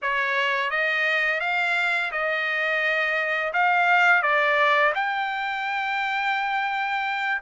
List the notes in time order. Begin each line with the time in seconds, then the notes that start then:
0.02 C#5
0.70 D#5
1.40 F5
2.11 D#5
3.53 F5
4.22 D5
4.94 G5